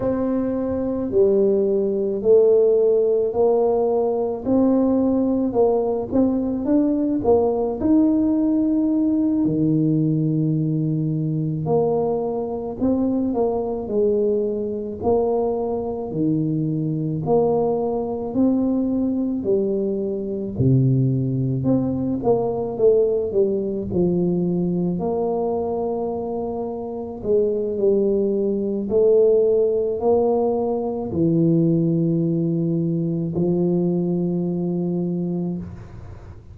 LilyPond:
\new Staff \with { instrumentName = "tuba" } { \time 4/4 \tempo 4 = 54 c'4 g4 a4 ais4 | c'4 ais8 c'8 d'8 ais8 dis'4~ | dis'8 dis2 ais4 c'8 | ais8 gis4 ais4 dis4 ais8~ |
ais8 c'4 g4 c4 c'8 | ais8 a8 g8 f4 ais4.~ | ais8 gis8 g4 a4 ais4 | e2 f2 | }